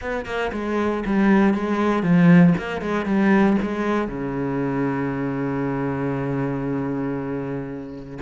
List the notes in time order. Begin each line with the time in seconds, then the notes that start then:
0.01 B3
0.25 A#3
0.52 G#3
1.05 G3
1.54 G#3
2.03 F3
2.58 A#3
2.81 G#3
3.05 G3
3.62 G#3
4.08 C#3